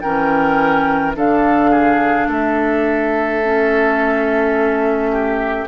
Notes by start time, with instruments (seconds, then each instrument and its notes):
0.00 bassoon E3, clarinet C#4, oboe A#4, flute G5
1.16 bassoon D3, clarinet D4, oboe A4, flute F5
1.70 oboe G#4
2.27 bassoon A3, oboe A4, flute E5
3.43 clarinet C#4
5.11 oboe G4